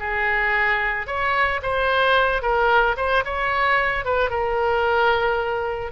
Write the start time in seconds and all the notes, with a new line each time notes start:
0.00 G#4
1.07 C#5
1.63 C5
2.43 A#4
2.97 C5
3.25 C#5
4.05 B4
4.30 A#4